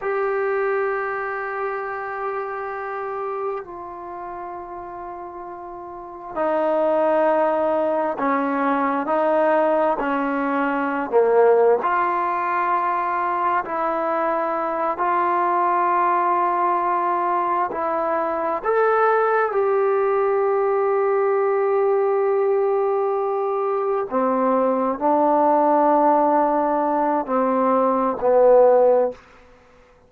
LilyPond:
\new Staff \with { instrumentName = "trombone" } { \time 4/4 \tempo 4 = 66 g'1 | f'2. dis'4~ | dis'4 cis'4 dis'4 cis'4~ | cis'16 ais8. f'2 e'4~ |
e'8 f'2. e'8~ | e'8 a'4 g'2~ g'8~ | g'2~ g'8 c'4 d'8~ | d'2 c'4 b4 | }